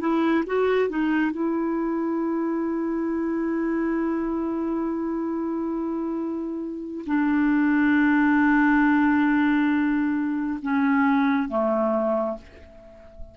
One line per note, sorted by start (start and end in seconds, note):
0.00 0.44 E4
0.46 0.89 F#4
0.89 1.31 D#4
1.31 7.04 E4
7.06 10.59 D4
10.62 11.49 C#4
11.49 12.37 A3